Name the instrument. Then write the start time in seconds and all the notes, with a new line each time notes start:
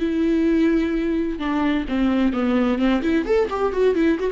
viola
0.00 E4
1.39 D4
1.89 C4
2.33 B3
2.79 C4
3.02 E4
3.26 A4
3.50 G4
3.73 F#4
3.95 E4
4.20 F#4